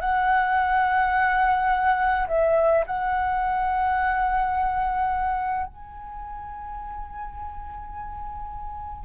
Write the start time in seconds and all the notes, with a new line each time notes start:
0.00 F#5
2.27 E5
2.86 F#5
5.66 G#5